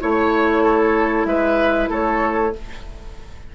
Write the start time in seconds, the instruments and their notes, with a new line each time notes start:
0.00 bassoon A3, clarinet E4, oboe C#5, flute C#5
0.63 oboe A4
1.25 bassoon G#3, oboe B4, flute E5
1.89 bassoon A3, oboe A4, flute C#5